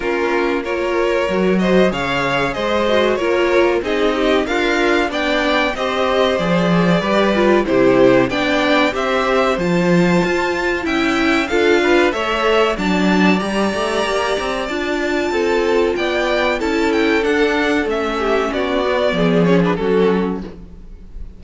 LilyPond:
<<
  \new Staff \with { instrumentName = "violin" } { \time 4/4 \tempo 4 = 94 ais'4 cis''4. dis''8 f''4 | dis''4 cis''4 dis''4 f''4 | g''4 dis''4 d''2 | c''4 g''4 e''4 a''4~ |
a''4 g''4 f''4 e''4 | a''4 ais''2 a''4~ | a''4 g''4 a''8 g''8 fis''4 | e''4 d''4. cis''16 b'16 a'4 | }
  \new Staff \with { instrumentName = "violin" } { \time 4/4 f'4 ais'4. c''8 cis''4 | c''4 ais'4 gis'8 g'8 f'4 | d''4 c''2 b'4 | g'4 d''4 c''2~ |
c''4 e''4 a'8 b'8 cis''4 | d''1 | a'4 d''4 a'2~ | a'8 g'8 fis'4 gis'4 fis'4 | }
  \new Staff \with { instrumentName = "viola" } { \time 4/4 cis'4 f'4 fis'4 gis'4~ | gis'8 fis'8 f'4 dis'4 ais'4 | d'4 g'4 gis'4 g'8 f'8 | e'4 d'4 g'4 f'4~ |
f'4 e'4 f'4 a'4 | d'4 g'2 f'4~ | f'2 e'4 d'4 | cis'4. b4 cis'16 d'16 cis'4 | }
  \new Staff \with { instrumentName = "cello" } { \time 4/4 ais2 fis4 cis4 | gis4 ais4 c'4 d'4 | b4 c'4 f4 g4 | c4 b4 c'4 f4 |
f'4 cis'4 d'4 a4 | fis4 g8 a8 ais8 c'8 d'4 | c'4 b4 cis'4 d'4 | a4 b4 f4 fis4 | }
>>